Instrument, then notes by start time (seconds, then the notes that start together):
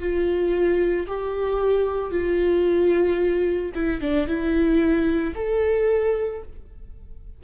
viola
0.00 F4
1.08 G4
2.11 F4
3.75 E4
4.01 D4
4.28 E4
5.35 A4